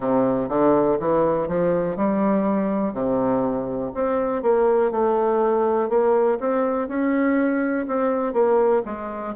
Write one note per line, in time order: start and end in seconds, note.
0.00 0.49 C3
0.49 0.98 D3
0.99 1.48 E3
1.48 1.96 F3
1.96 2.93 G3
2.93 3.91 C3
3.94 4.42 C4
4.42 4.91 A#3
4.91 5.89 A3
5.89 6.38 A#3
6.40 6.88 C4
6.88 7.86 C#4
7.87 8.33 C4
8.33 8.82 A#3
8.85 9.34 G#3